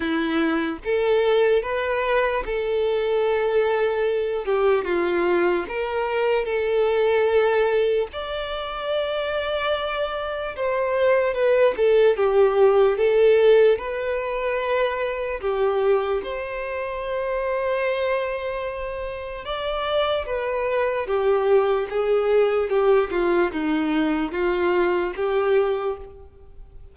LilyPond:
\new Staff \with { instrumentName = "violin" } { \time 4/4 \tempo 4 = 74 e'4 a'4 b'4 a'4~ | a'4. g'8 f'4 ais'4 | a'2 d''2~ | d''4 c''4 b'8 a'8 g'4 |
a'4 b'2 g'4 | c''1 | d''4 b'4 g'4 gis'4 | g'8 f'8 dis'4 f'4 g'4 | }